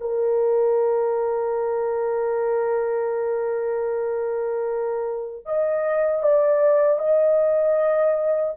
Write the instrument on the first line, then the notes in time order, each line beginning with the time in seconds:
horn
0.00 A#4
5.45 D#5
6.23 D5
6.98 D#5